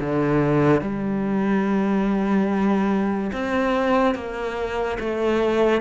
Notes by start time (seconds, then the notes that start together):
0.00 D3
0.81 G3
3.33 C4
4.15 A#3
5.00 A3